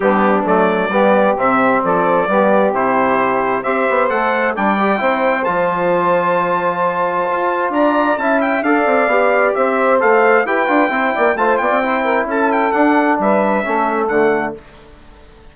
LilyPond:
<<
  \new Staff \with { instrumentName = "trumpet" } { \time 4/4 \tempo 4 = 132 g'4 d''2 e''4 | d''2 c''2 | e''4 fis''4 g''2 | a''1~ |
a''4 ais''4 a''8 g''8 f''4~ | f''4 e''4 f''4 g''4~ | g''4 a''8 g''4. a''8 g''8 | fis''4 e''2 fis''4 | }
  \new Staff \with { instrumentName = "saxophone" } { \time 4/4 d'2 g'2 | a'4 g'2. | c''2 d''4 c''4~ | c''1~ |
c''4 d''4 e''4 d''4~ | d''4 c''2 b'4 | c''8 d''8 c''8 d''8 c''8 ais'8 a'4~ | a'4 b'4 a'2 | }
  \new Staff \with { instrumentName = "trombone" } { \time 4/4 b4 a4 b4 c'4~ | c'4 b4 e'2 | g'4 a'4 d'8 g'8 e'4 | f'1~ |
f'2 e'4 a'4 | g'2 a'4 g'8 f'8 | e'4 f'4 e'2 | d'2 cis'4 a4 | }
  \new Staff \with { instrumentName = "bassoon" } { \time 4/4 g4 fis4 g4 c4 | f4 g4 c2 | c'8 b8 a4 g4 c'4 | f1 |
f'4 d'4 cis'4 d'8 c'8 | b4 c'4 a4 e'8 d'8 | c'8 ais8 a8 b16 c'4~ c'16 cis'4 | d'4 g4 a4 d4 | }
>>